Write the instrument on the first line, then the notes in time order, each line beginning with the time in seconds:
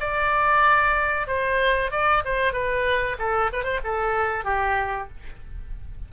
oboe
0.00 D5
1.27 C5
1.91 D5
2.25 C5
2.53 B4
3.19 A4
3.53 B4
3.64 C5
3.84 A4
4.44 G4